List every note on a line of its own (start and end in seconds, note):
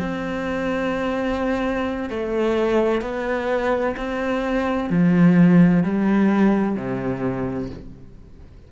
0.00 2.10 C4
2.10 3.02 A3
3.02 3.95 B3
3.97 4.90 C4
4.90 5.84 F3
5.84 6.76 G3
6.76 7.70 C3